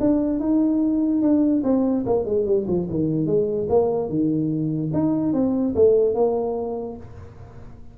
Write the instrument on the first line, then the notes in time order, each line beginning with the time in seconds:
tuba
0.00 D4
0.40 D#4
1.22 D4
1.64 C4
2.06 A#3
2.25 G#3
2.46 G3
2.68 F3
2.90 D#3
3.27 G#3
3.69 A#3
4.09 D#3
4.93 D#4
5.33 C4
5.75 A3
6.14 A#3